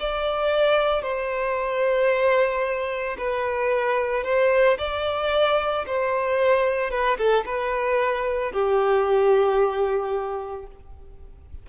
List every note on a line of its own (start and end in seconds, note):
0.00 1.02 D5
1.02 3.17 C5
3.18 4.24 B4
4.24 4.78 C5
4.78 5.85 D5
5.86 6.91 C5
6.91 7.17 B4
7.18 7.45 A4
7.46 8.52 B4
8.52 10.67 G4